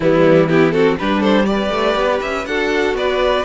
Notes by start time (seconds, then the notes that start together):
0.00 E3 G3 B3 E4
0.48 B3 E4 G4
0.71 C4 F#4 A4
0.98 G3 D4 G4 B4
1.20 A4 C5
1.45 G4 B4 D5
1.70 A3
1.94 B3
2.21 C#4 E5
2.45 D4 F#4 A4 F#5
2.93 B3 B4 D5